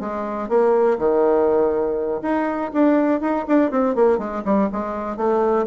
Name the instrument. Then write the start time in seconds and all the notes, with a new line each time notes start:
bassoon
0.00 G#3
0.49 A#3
0.98 D#3
2.22 D#4
2.73 D4
3.21 D#4
3.48 D4
3.71 C4
3.95 A#3
4.18 G#3
4.45 G3
4.72 G#3
5.17 A3